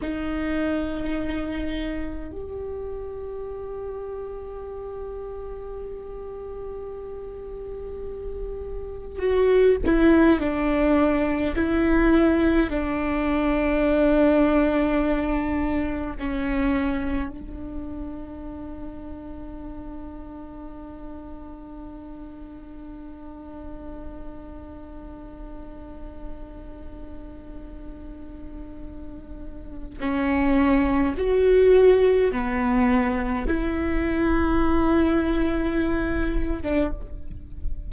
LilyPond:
\new Staff \with { instrumentName = "viola" } { \time 4/4 \tempo 4 = 52 dis'2 g'2~ | g'1 | fis'8 e'8 d'4 e'4 d'4~ | d'2 cis'4 d'4~ |
d'1~ | d'1~ | d'2 cis'4 fis'4 | b4 e'2~ e'8. d'16 | }